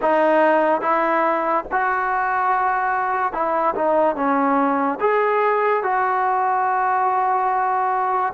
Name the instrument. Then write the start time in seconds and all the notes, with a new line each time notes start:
trombone
0.02 D#4
0.81 E4
1.71 F#4
3.33 E4
3.75 D#4
4.15 C#4
5.00 G#4
5.83 F#4